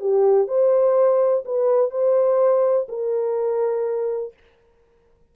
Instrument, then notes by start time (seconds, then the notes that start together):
horn
0.00 G4
0.47 C5
1.45 B4
1.90 C5
2.88 A#4